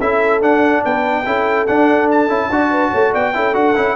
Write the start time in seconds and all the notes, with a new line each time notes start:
0.00 C#4 E4 A4 E5
0.41 D4 F#5
0.84 B3 B4 G5
1.26 C#4 E4 A4
1.67 D4 F#5
2.11 A5
2.28 C#4 E4
2.50 D4 F#4 D5
2.71 B4
2.91 A3 C#5
3.12 B3 D5 G5
3.34 C#4 E4 A4
3.54 D4 F#4 F#5
3.76 C#4 E4